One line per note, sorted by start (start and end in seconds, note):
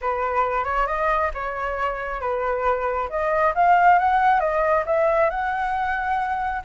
0.01 0.64 B4
0.64 0.86 C#5
0.86 1.31 D#5
1.34 2.20 C#5
2.20 3.09 B4
3.09 3.53 D#5
3.54 3.98 F5
3.98 4.40 F#5
4.40 4.84 D#5
4.85 5.29 E5
5.29 6.62 F#5